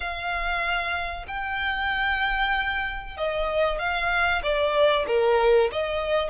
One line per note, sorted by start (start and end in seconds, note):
0.00 1.25 F5
1.27 3.17 G5
3.17 3.78 D#5
3.78 4.42 F5
4.42 5.05 D5
5.07 5.70 A#4
5.72 6.30 D#5